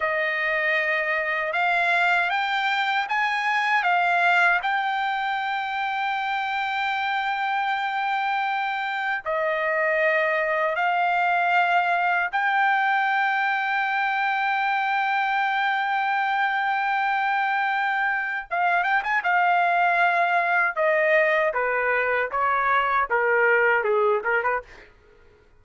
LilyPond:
\new Staff \with { instrumentName = "trumpet" } { \time 4/4 \tempo 4 = 78 dis''2 f''4 g''4 | gis''4 f''4 g''2~ | g''1 | dis''2 f''2 |
g''1~ | g''1 | f''8 g''16 gis''16 f''2 dis''4 | b'4 cis''4 ais'4 gis'8 ais'16 b'16 | }